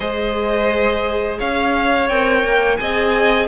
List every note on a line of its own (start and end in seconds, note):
0.00 1.39 G#3
0.00 2.06 G#4
0.00 1.39 C5
0.00 1.38 D#5
1.39 2.09 C#4
1.39 2.78 C#5
1.39 2.08 F5
2.08 2.43 C4
2.08 2.79 A#4
2.08 2.76 G5
2.43 2.78 A#3
2.76 3.48 C4
2.76 3.48 G#4
2.76 3.48 D#5
2.76 3.46 G#5